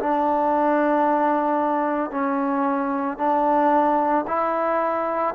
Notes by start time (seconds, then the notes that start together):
0.00 D4
2.11 C#4
3.18 D4
4.28 E4